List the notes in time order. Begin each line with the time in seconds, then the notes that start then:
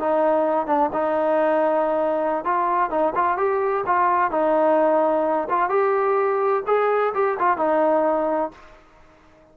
0.00 D#4
0.67 D4
0.93 D#4
2.45 F4
2.90 D#4
3.15 F4
3.38 G4
3.87 F4
4.31 D#4
5.50 F4
5.70 G4
6.67 G#4
7.15 G4
7.39 F4
7.58 D#4